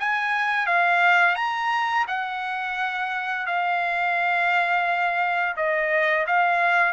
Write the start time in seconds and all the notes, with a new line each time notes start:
0.00 G#5
0.67 F5
1.36 A#5
2.08 F#5
3.47 F5
5.57 D#5
6.27 F5